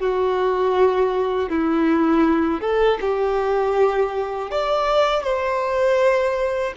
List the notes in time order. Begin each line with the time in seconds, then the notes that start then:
0.00 F#4
1.49 E4
2.60 A4
3.01 G4
4.51 D5
5.23 C5